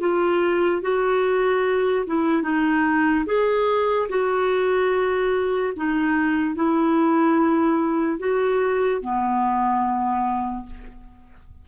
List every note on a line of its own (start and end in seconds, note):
0.00 0.82 F4
0.82 2.05 F#4
2.07 2.43 E4
2.43 3.25 D#4
3.26 4.08 G#4
4.09 5.73 F#4
5.76 6.56 D#4
6.56 8.19 E4
8.19 9.01 F#4
9.01 10.66 B3